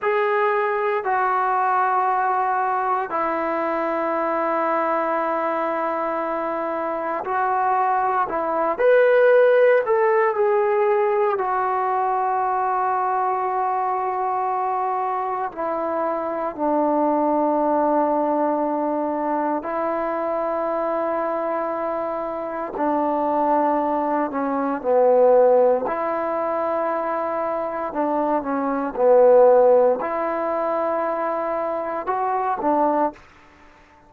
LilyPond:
\new Staff \with { instrumentName = "trombone" } { \time 4/4 \tempo 4 = 58 gis'4 fis'2 e'4~ | e'2. fis'4 | e'8 b'4 a'8 gis'4 fis'4~ | fis'2. e'4 |
d'2. e'4~ | e'2 d'4. cis'8 | b4 e'2 d'8 cis'8 | b4 e'2 fis'8 d'8 | }